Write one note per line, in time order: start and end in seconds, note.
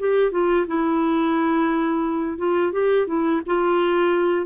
0.00 0.32 G4
0.32 0.66 F4
0.67 2.38 E4
2.38 2.73 F4
2.73 3.07 G4
3.07 3.42 E4
3.46 4.46 F4